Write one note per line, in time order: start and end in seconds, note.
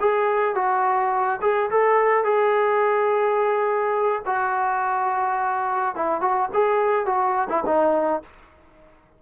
0.00 0.55 G#4
0.55 1.40 F#4
1.41 1.70 G#4
1.70 2.24 A4
2.24 4.22 G#4
4.26 5.95 F#4
5.95 6.21 E4
6.21 6.49 F#4
6.53 7.05 G#4
7.05 7.48 F#4
7.49 7.63 E4
7.65 8.22 D#4